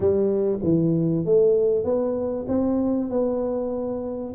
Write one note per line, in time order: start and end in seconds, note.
0.00 0.59 G3
0.63 1.25 E3
1.25 1.84 A3
1.84 2.46 B3
2.47 3.09 C4
3.10 4.34 B3